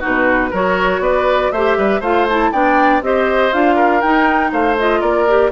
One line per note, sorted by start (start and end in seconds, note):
0.00 0.53 B2
0.00 0.51 D#4
0.00 0.50 F#4
0.00 0.54 B4
0.51 1.00 F#3
0.51 1.54 F#4
0.51 1.01 A#4
0.51 1.03 C#5
1.00 1.50 B3
1.00 1.53 B4
1.00 1.52 D5
1.52 1.77 A3
1.52 2.03 G4
1.52 1.78 C5
1.52 2.02 E5
1.78 2.01 G3
1.78 2.00 B4
2.00 2.51 A3
2.00 2.28 F4
2.00 2.50 C5
2.00 2.28 F5
2.29 2.53 E4
2.29 2.52 A5
2.52 3.02 B3
2.52 3.03 D4
2.52 3.03 D5
2.52 3.02 G5
3.02 3.52 C4
3.02 3.52 G4
3.02 3.76 C5
3.02 3.53 D#5
3.52 4.03 D4
3.52 4.02 F4
3.52 4.02 F5
3.76 4.51 A#4
4.02 4.78 D#4
4.02 4.53 D#4
4.02 4.52 G5
4.53 5.02 A3
4.53 5.00 C5
4.53 4.78 F5
4.79 5.28 F4
4.79 5.02 D#5
5.00 5.52 A#3
5.00 5.50 A#4
5.00 5.52 D5
5.28 5.52 G4